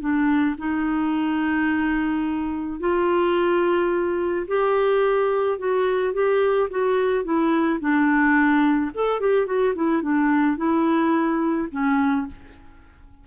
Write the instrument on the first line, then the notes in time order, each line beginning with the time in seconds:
clarinet
0.00 D4
0.58 D#4
2.80 F4
4.47 G4
5.59 F#4
6.13 G4
6.70 F#4
7.24 E4
7.80 D4
8.94 A4
9.20 G4
9.46 F#4
9.75 E4
10.02 D4
10.57 E4
11.71 C#4